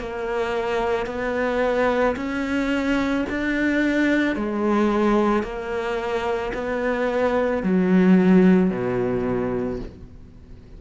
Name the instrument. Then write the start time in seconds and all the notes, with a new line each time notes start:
cello
0.00 A#3
1.06 B3
2.16 C#4
3.29 D4
4.36 G#3
5.43 A#3
6.54 B3
7.63 F#3
8.70 B2